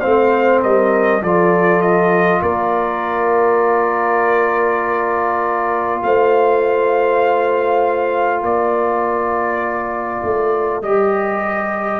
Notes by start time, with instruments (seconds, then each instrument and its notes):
0.00 tuba A3, trombone C4, horn C5, trumpet F5
0.62 tuba G3, horn A#4, trumpet D#5
1.22 tuba F3, trombone F4, horn A4, trumpet D5
1.81 trumpet D#5
2.42 tuba A#3, horn A#4, trumpet D5
6.03 tuba A3, horn C5, trumpet F5
8.42 tuba A#3, horn A#4, trumpet D5
10.23 tuba A3
10.82 tuba G3, trombone G4, trumpet D#5